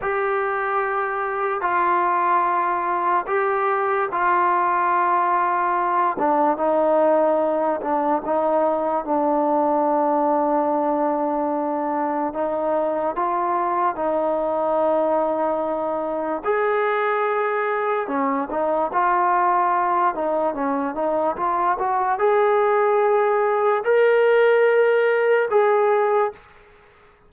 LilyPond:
\new Staff \with { instrumentName = "trombone" } { \time 4/4 \tempo 4 = 73 g'2 f'2 | g'4 f'2~ f'8 d'8 | dis'4. d'8 dis'4 d'4~ | d'2. dis'4 |
f'4 dis'2. | gis'2 cis'8 dis'8 f'4~ | f'8 dis'8 cis'8 dis'8 f'8 fis'8 gis'4~ | gis'4 ais'2 gis'4 | }